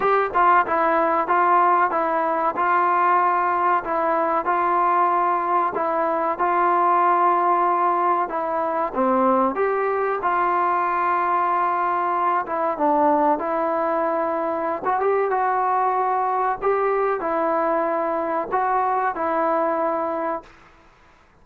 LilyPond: \new Staff \with { instrumentName = "trombone" } { \time 4/4 \tempo 4 = 94 g'8 f'8 e'4 f'4 e'4 | f'2 e'4 f'4~ | f'4 e'4 f'2~ | f'4 e'4 c'4 g'4 |
f'2.~ f'8 e'8 | d'4 e'2~ e'16 fis'16 g'8 | fis'2 g'4 e'4~ | e'4 fis'4 e'2 | }